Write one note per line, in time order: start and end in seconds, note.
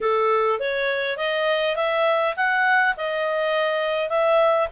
0.00 0.59 A4
0.59 1.17 C#5
1.17 1.76 D#5
1.76 2.34 E5
2.36 2.95 F#5
2.97 4.09 D#5
4.09 4.68 E5